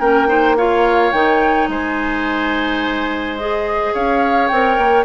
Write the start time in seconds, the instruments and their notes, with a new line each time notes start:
0.00 bassoon A#3, clarinet C#4, oboe A#4, flute G5
0.28 clarinet D#4, oboe C5
0.57 clarinet F4, oboe C#5, flute F5
1.12 bassoon D#3, clarinet D#4, flute G5
1.68 bassoon G#3, oboe C5, flute G#5
3.38 clarinet G#4, flute D#5
3.94 bassoon C#4, oboe C#5, flute F5
4.48 bassoon C4, clarinet A#4, flute G5
4.78 bassoon A#3